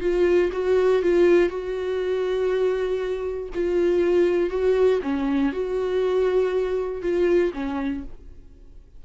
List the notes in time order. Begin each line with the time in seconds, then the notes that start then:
0.00 F4
0.52 F#4
1.02 F4
1.49 F#4
3.55 F4
4.50 F#4
5.02 C#4
5.52 F#4
7.02 F4
7.54 C#4